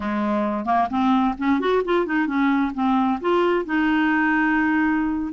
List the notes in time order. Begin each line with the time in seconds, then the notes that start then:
0.00 G#3
0.65 A#3
0.89 C4
1.37 C#4
1.60 F#4
1.84 F4
2.06 D#4
2.26 C#4
2.74 C4
3.20 F4
3.65 D#4